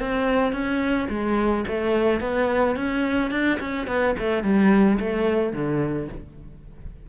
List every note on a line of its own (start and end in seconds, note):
0.00 0.53 C4
0.53 1.08 C#4
1.09 1.65 G#3
1.67 2.20 A3
2.20 2.76 B3
2.76 3.31 C#4
3.31 3.59 D4
3.60 3.87 C#4
3.87 4.15 B3
4.18 4.43 A3
4.43 4.99 G3
5.00 5.53 A3
5.53 6.08 D3